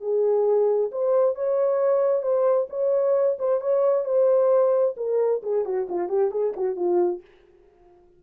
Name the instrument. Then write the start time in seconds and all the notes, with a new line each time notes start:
horn
0.00 G#4
0.91 C5
1.35 C#5
2.22 C5
2.69 C#5
3.39 C5
3.60 C#5
4.05 C5
4.96 A#4
5.42 G#4
5.65 F#4
5.89 F4
6.08 G4
6.31 G#4
6.56 F#4
6.76 F4